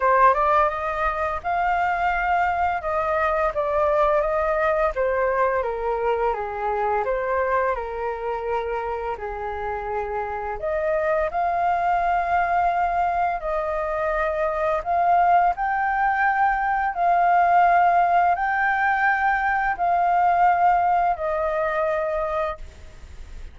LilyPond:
\new Staff \with { instrumentName = "flute" } { \time 4/4 \tempo 4 = 85 c''8 d''8 dis''4 f''2 | dis''4 d''4 dis''4 c''4 | ais'4 gis'4 c''4 ais'4~ | ais'4 gis'2 dis''4 |
f''2. dis''4~ | dis''4 f''4 g''2 | f''2 g''2 | f''2 dis''2 | }